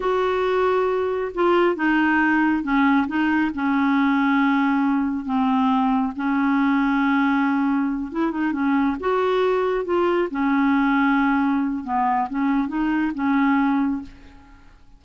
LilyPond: \new Staff \with { instrumentName = "clarinet" } { \time 4/4 \tempo 4 = 137 fis'2. f'4 | dis'2 cis'4 dis'4 | cis'1 | c'2 cis'2~ |
cis'2~ cis'8 e'8 dis'8 cis'8~ | cis'8 fis'2 f'4 cis'8~ | cis'2. b4 | cis'4 dis'4 cis'2 | }